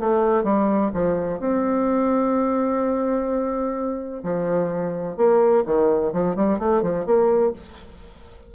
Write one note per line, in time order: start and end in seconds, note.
0.00 0.44 A3
0.44 0.91 G3
0.94 1.40 F3
1.40 4.23 C4
4.24 5.17 F3
5.17 5.64 A#3
5.66 6.13 D#3
6.13 6.36 F3
6.36 6.59 G3
6.59 6.83 A3
6.83 7.06 F3
7.06 7.53 A#3